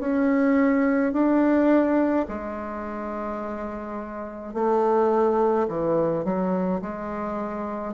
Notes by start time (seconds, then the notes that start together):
0.00 C#4
1.13 D4
2.29 G#3
4.55 A3
5.69 E3
6.25 F#3
6.82 G#3